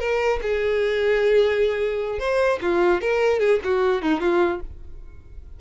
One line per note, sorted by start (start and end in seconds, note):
0.00 0.40 A#4
0.42 2.20 G#4
2.20 2.60 C5
2.62 3.02 F4
3.02 3.40 A#4
3.40 3.60 G#4
3.64 4.02 F#4
4.02 4.21 D#4
4.21 4.61 F4